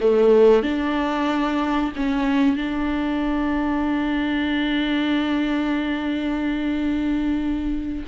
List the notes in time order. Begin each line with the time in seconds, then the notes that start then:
0.00 A3
0.62 D4
1.96 C#4
2.56 D4